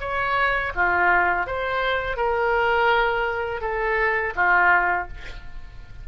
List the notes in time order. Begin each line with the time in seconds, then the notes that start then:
0.00 C#5
0.75 F4
1.47 C5
2.17 A#4
3.61 A4
4.35 F4